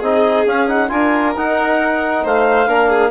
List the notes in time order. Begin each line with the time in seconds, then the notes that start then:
0.00 C4 D#4 G#4 D#5
0.46 C#4 F5
0.68 D#4 F#5
0.90 D4 F4 A#4 G#5
1.36 D#4 F#5
2.24 A3 C5 F5
2.68 A#3 D4 A#4
2.90 G#4